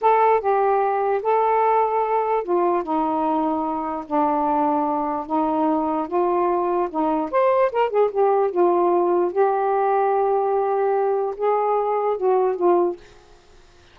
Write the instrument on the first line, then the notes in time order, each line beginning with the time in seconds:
saxophone
0.01 A4
0.40 G4
1.22 A4
2.43 F4
2.83 D#4
4.06 D4
5.26 D#4
6.07 F4
6.90 D#4
7.31 C5
7.72 A#4
7.89 G#4
8.11 G4
8.51 F4
9.32 G4
11.36 G#4
12.17 F#4
12.56 F4